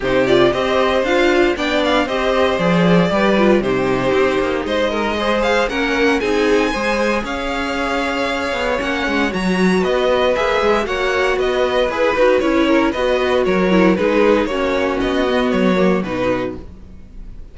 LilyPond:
<<
  \new Staff \with { instrumentName = "violin" } { \time 4/4 \tempo 4 = 116 c''8 d''8 dis''4 f''4 g''8 f''8 | dis''4 d''2 c''4~ | c''4 dis''4. f''8 fis''4 | gis''2 f''2~ |
f''4 fis''4 ais''4 dis''4 | e''4 fis''4 dis''4 b'4 | cis''4 dis''4 cis''4 b'4 | cis''4 dis''4 cis''4 b'4 | }
  \new Staff \with { instrumentName = "violin" } { \time 4/4 g'4 c''2 d''4 | c''2 b'4 g'4~ | g'4 c''8 ais'8 c''4 ais'4 | gis'4 c''4 cis''2~ |
cis''2. b'4~ | b'4 cis''4 b'2~ | b'8 ais'8 b'4 ais'4 gis'4 | fis'1 | }
  \new Staff \with { instrumentName = "viola" } { \time 4/4 dis'8 f'8 g'4 f'4 d'4 | g'4 gis'4 g'8 f'8 dis'4~ | dis'2 gis'4 cis'4 | dis'4 gis'2.~ |
gis'4 cis'4 fis'2 | gis'4 fis'2 gis'8 fis'8 | e'4 fis'4. e'8 dis'4 | cis'4. b4 ais8 dis'4 | }
  \new Staff \with { instrumentName = "cello" } { \time 4/4 c4 c'4 d'4 b4 | c'4 f4 g4 c4 | c'8 ais8 gis2 ais4 | c'4 gis4 cis'2~ |
cis'8 b8 ais8 gis8 fis4 b4 | ais8 gis8 ais4 b4 e'8 dis'8 | cis'4 b4 fis4 gis4 | ais4 b4 fis4 b,4 | }
>>